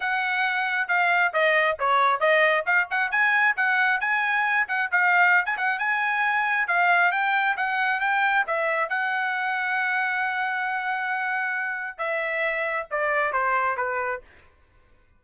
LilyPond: \new Staff \with { instrumentName = "trumpet" } { \time 4/4 \tempo 4 = 135 fis''2 f''4 dis''4 | cis''4 dis''4 f''8 fis''8 gis''4 | fis''4 gis''4. fis''8 f''4~ | f''16 gis''16 fis''8 gis''2 f''4 |
g''4 fis''4 g''4 e''4 | fis''1~ | fis''2. e''4~ | e''4 d''4 c''4 b'4 | }